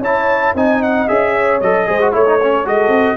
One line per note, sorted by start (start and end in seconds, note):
0.00 0.53 C#4
0.00 0.56 E4
0.00 0.55 C#5
0.00 0.56 A5
0.55 1.08 C4
0.55 1.09 D#4
0.55 1.34 D#5
0.55 0.83 G#5
0.83 1.08 F#5
1.08 1.62 C#4
1.08 1.61 G#4
1.08 1.61 E5
1.34 1.86 C#5
1.61 1.88 F#3
1.61 1.87 A4
1.61 2.14 D#5
1.87 2.14 G#3
1.87 2.00 G#4
1.87 2.14 C5
2.02 2.13 F#4
2.13 2.66 A3
2.13 2.26 E4
2.13 2.67 C#5
2.26 2.39 D#4
2.43 2.65 C#4
2.65 2.88 G#3
2.65 3.17 F#4
2.65 3.17 A4
2.65 3.17 D#5
2.88 3.15 C4